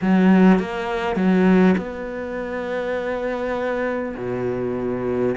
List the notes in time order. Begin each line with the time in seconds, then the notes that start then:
0.01 F#3
0.59 A#3
1.16 F#3
1.77 B3
4.16 B2